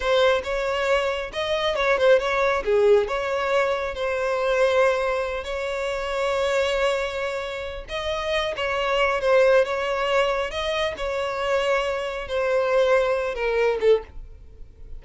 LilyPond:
\new Staff \with { instrumentName = "violin" } { \time 4/4 \tempo 4 = 137 c''4 cis''2 dis''4 | cis''8 c''8 cis''4 gis'4 cis''4~ | cis''4 c''2.~ | c''8 cis''2.~ cis''8~ |
cis''2 dis''4. cis''8~ | cis''4 c''4 cis''2 | dis''4 cis''2. | c''2~ c''8 ais'4 a'8 | }